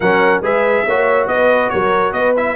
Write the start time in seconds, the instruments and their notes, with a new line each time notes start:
0.00 tuba F#3, trombone C#4, horn A#4, trumpet F#5
0.41 tuba G#3, trombone G#4, horn B4, trumpet E5
0.86 tuba A#3, trombone F#4, horn C#5
1.27 tuba B3, horn B4, trumpet D#5
1.69 tuba F#3, horn A#4, trumpet C#5
2.12 tuba B3, horn B4, trumpet D#5
2.36 trombone E4, trumpet E5